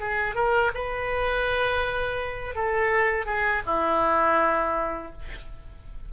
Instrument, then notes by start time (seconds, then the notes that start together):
oboe
0.00 G#4
0.35 A#4
0.75 B4
2.55 A4
3.26 G#4
3.66 E4